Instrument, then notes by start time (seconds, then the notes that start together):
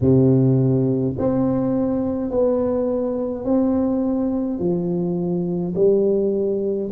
tuba
0.01 C3
1.18 C4
2.30 B3
3.45 C4
4.58 F3
5.75 G3